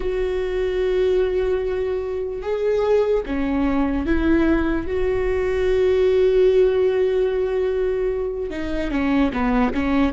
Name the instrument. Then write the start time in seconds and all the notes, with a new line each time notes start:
viola
0.00 F#4
2.42 G#4
3.25 C#4
4.05 E4
4.86 F#4
8.50 D#4
8.90 C#4
9.32 B3
9.73 C#4